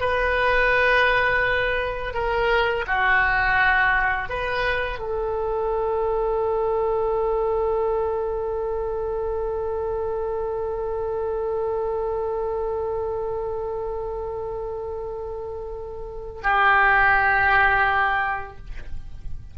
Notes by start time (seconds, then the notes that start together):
0.00 B4
2.13 A#4
2.87 F#4
4.29 B4
4.99 A4
16.43 G4